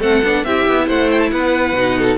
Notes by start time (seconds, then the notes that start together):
0.00 A3 C4 A4 F#5
0.24 B3 D4
0.45 C4 E4 G4 E5
0.68 B3
0.87 A3 C5 F#5
1.12 G5
1.20 A5
1.31 B3 B4 F#5
1.73 B2 D#4
1.99 A4